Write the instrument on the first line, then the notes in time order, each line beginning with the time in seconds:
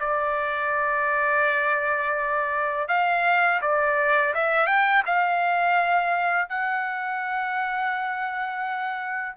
trumpet
0.00 D5
2.88 F5
3.61 D5
4.34 E5
4.67 G5
5.06 F5
6.49 F#5